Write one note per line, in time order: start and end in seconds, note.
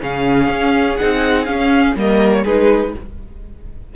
0.00 0.48 C#3
0.00 0.98 C#4
0.00 1.97 G#4
0.00 0.97 F5
0.48 0.97 C#4
0.97 1.47 C4
0.97 1.46 D#4
0.97 1.45 F#5
1.45 1.95 C#4
1.45 1.94 F5
1.95 2.44 G3
1.95 2.45 A#3
1.95 2.43 A#4
1.95 2.33 D#5
2.33 2.45 C#5
2.43 2.94 G#3
2.43 2.95 D#4
2.43 2.92 G#4
2.43 2.94 B4